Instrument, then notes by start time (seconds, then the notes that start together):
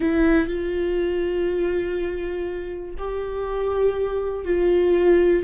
viola
0.00 E4
0.47 F4
2.98 G4
4.44 F4